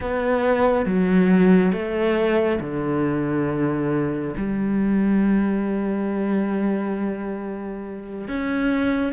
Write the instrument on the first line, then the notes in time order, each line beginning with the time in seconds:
cello
0.00 B3
0.85 F#3
1.72 A3
2.60 D3
4.36 G3
8.28 C#4